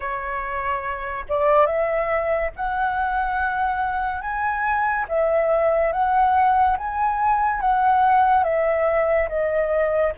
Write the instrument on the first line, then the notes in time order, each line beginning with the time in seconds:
flute
0.00 C#5
1.28 D5
1.66 E5
2.55 F#5
4.21 G#5
5.08 E5
5.92 F#5
6.77 G#5
7.61 F#5
8.43 E5
9.28 D#5